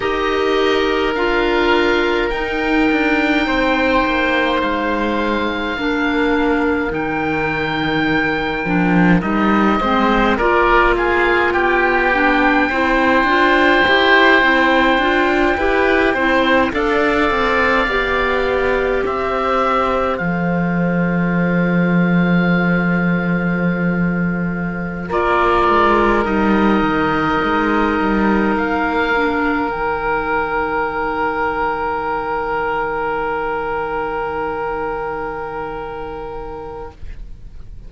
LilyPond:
<<
  \new Staff \with { instrumentName = "oboe" } { \time 4/4 \tempo 4 = 52 dis''4 f''4 g''2 | f''2 g''2 | dis''4 d''8 f''8 g''2~ | g''2~ g''8 f''4.~ |
f''8 e''4 f''2~ f''8~ | f''4.~ f''16 d''4 dis''4~ dis''16~ | dis''8. f''4 g''2~ g''16~ | g''1 | }
  \new Staff \with { instrumentName = "oboe" } { \time 4/4 ais'2. c''4~ | c''4 ais'2.~ | ais'8 c''8 ais'8 gis'8 g'4 c''4~ | c''4. b'8 c''8 d''4.~ |
d''8 c''2.~ c''8~ | c''4.~ c''16 ais'2~ ais'16~ | ais'1~ | ais'1 | }
  \new Staff \with { instrumentName = "clarinet" } { \time 4/4 g'4 f'4 dis'2~ | dis'4 d'4 dis'4. d'8 | dis'8 c'8 f'4. d'8 e'8 f'8 | g'8 e'8 f'8 g'8 e'8 a'4 g'8~ |
g'4. a'2~ a'8~ | a'4.~ a'16 f'4 dis'4~ dis'16~ | dis'4~ dis'16 d'8 dis'2~ dis'16~ | dis'1 | }
  \new Staff \with { instrumentName = "cello" } { \time 4/4 dis'4 d'4 dis'8 d'8 c'8 ais8 | gis4 ais4 dis4. f8 | g8 gis8 ais4 b4 c'8 d'8 | e'8 c'8 d'8 e'8 c'8 d'8 c'8 b8~ |
b8 c'4 f2~ f8~ | f4.~ f16 ais8 gis8 g8 dis8 gis16~ | gis16 g8 ais4 dis2~ dis16~ | dis1 | }
>>